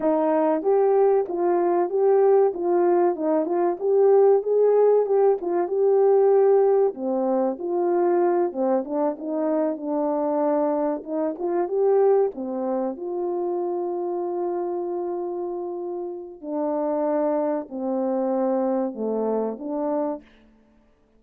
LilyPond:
\new Staff \with { instrumentName = "horn" } { \time 4/4 \tempo 4 = 95 dis'4 g'4 f'4 g'4 | f'4 dis'8 f'8 g'4 gis'4 | g'8 f'8 g'2 c'4 | f'4. c'8 d'8 dis'4 d'8~ |
d'4. dis'8 f'8 g'4 c'8~ | c'8 f'2.~ f'8~ | f'2 d'2 | c'2 a4 d'4 | }